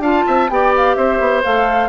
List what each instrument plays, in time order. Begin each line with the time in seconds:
0.00 bassoon D4, clarinet F4, oboe F5, flute A5
0.27 bassoon C4, oboe E5
0.50 bassoon B3, clarinet G4, oboe D5, flute G5
0.77 flute F5
0.95 bassoon C4, oboe C5, flute E5
1.20 bassoon B3
1.44 bassoon A3, clarinet A4, flute F5